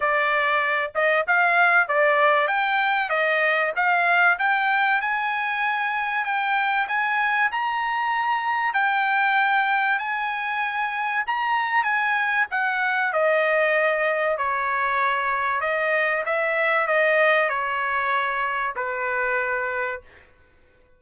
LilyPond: \new Staff \with { instrumentName = "trumpet" } { \time 4/4 \tempo 4 = 96 d''4. dis''8 f''4 d''4 | g''4 dis''4 f''4 g''4 | gis''2 g''4 gis''4 | ais''2 g''2 |
gis''2 ais''4 gis''4 | fis''4 dis''2 cis''4~ | cis''4 dis''4 e''4 dis''4 | cis''2 b'2 | }